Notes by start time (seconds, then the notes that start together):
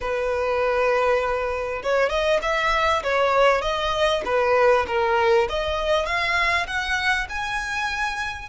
0.00 B4
1.83 C#5
2.09 D#5
2.42 E5
3.03 C#5
3.61 D#5
4.25 B4
4.87 A#4
5.49 D#5
6.06 F5
6.66 F#5
7.29 G#5